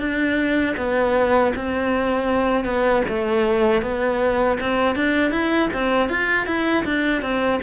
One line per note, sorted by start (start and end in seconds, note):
0.00 0.76 D4
0.77 1.53 B3
1.56 2.65 C4
2.65 3.03 B3
3.09 3.82 A3
3.82 4.58 B3
4.60 4.96 C4
4.96 5.32 D4
5.32 5.70 E4
5.73 6.10 C4
6.10 6.47 F4
6.47 6.85 E4
6.85 7.23 D4
7.23 7.61 C4